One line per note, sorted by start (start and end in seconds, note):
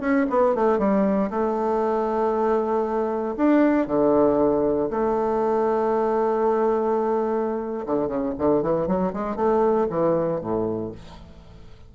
0.00 0.26 C#4
0.29 0.55 B3
0.55 0.79 A3
0.79 1.30 G3
1.30 3.35 A3
3.37 3.87 D4
3.87 4.89 D3
4.90 7.85 A3
7.86 8.07 D3
8.07 8.33 C#3
8.38 8.62 D3
8.62 8.87 E3
8.87 9.13 F#3
9.13 9.36 G#3
9.36 9.87 A3
9.90 10.41 E3
10.41 10.92 A2